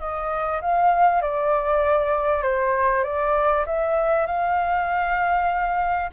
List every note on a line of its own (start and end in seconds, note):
0.00 0.61 D#5
0.62 1.22 F5
1.22 2.44 D5
2.44 3.04 C5
3.04 3.65 D5
3.67 4.27 E5
4.27 6.11 F5